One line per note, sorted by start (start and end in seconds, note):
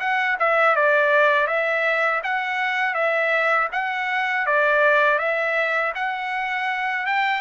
0.00 0.37 F#5
0.40 0.76 E5
0.76 1.47 D5
1.47 2.22 E5
2.24 2.94 F#5
2.94 3.68 E5
3.72 4.46 F#5
4.46 5.19 D5
5.19 5.93 E5
5.95 7.06 F#5
7.06 7.41 G5